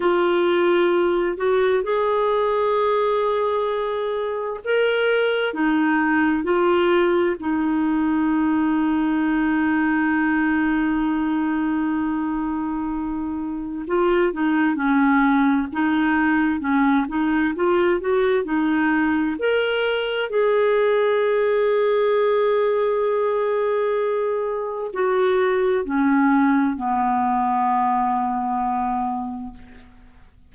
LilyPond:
\new Staff \with { instrumentName = "clarinet" } { \time 4/4 \tempo 4 = 65 f'4. fis'8 gis'2~ | gis'4 ais'4 dis'4 f'4 | dis'1~ | dis'2. f'8 dis'8 |
cis'4 dis'4 cis'8 dis'8 f'8 fis'8 | dis'4 ais'4 gis'2~ | gis'2. fis'4 | cis'4 b2. | }